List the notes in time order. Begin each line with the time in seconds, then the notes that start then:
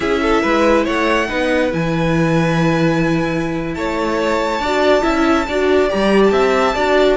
0.00 C#4 E4 G#4 E5
0.22 A4
0.42 G#3 B4
0.84 A3 C#5 F#5
1.27 B3 D#4 B4
1.71 E3 E4 G#5
3.74 A3 C#5 A5
4.59 D4 F#4 D5
5.02 C#4 E4 E5
5.47 D4 F#4 D5
5.88 G3 G4 A#5
6.24 A5
6.31 C4 E5
6.74 D4 F#4 D5